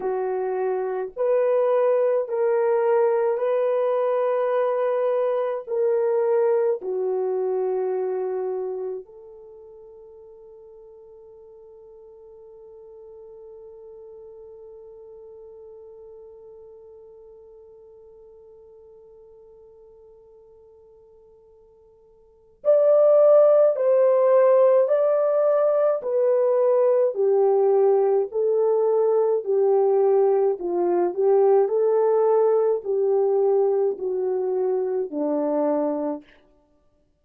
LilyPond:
\new Staff \with { instrumentName = "horn" } { \time 4/4 \tempo 4 = 53 fis'4 b'4 ais'4 b'4~ | b'4 ais'4 fis'2 | a'1~ | a'1~ |
a'1 | d''4 c''4 d''4 b'4 | g'4 a'4 g'4 f'8 g'8 | a'4 g'4 fis'4 d'4 | }